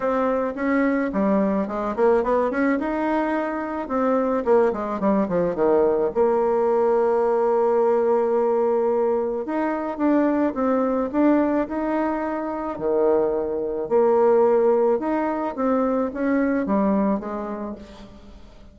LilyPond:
\new Staff \with { instrumentName = "bassoon" } { \time 4/4 \tempo 4 = 108 c'4 cis'4 g4 gis8 ais8 | b8 cis'8 dis'2 c'4 | ais8 gis8 g8 f8 dis4 ais4~ | ais1~ |
ais4 dis'4 d'4 c'4 | d'4 dis'2 dis4~ | dis4 ais2 dis'4 | c'4 cis'4 g4 gis4 | }